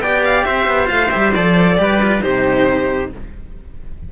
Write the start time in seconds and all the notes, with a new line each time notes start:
0.00 B3 G4 D5 G5
0.24 F5
0.44 C4 C5 E5
0.68 B3
0.86 A3 F4 F5
1.11 G3 G4 E5
1.34 F3 A4 D5
1.78 G3 G4 B4
2.02 F4
2.21 C3 D#4 G4 C5